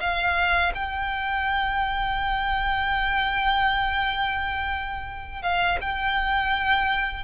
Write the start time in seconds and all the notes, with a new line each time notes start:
0.00 F5
0.74 G5
5.42 F5
5.81 G5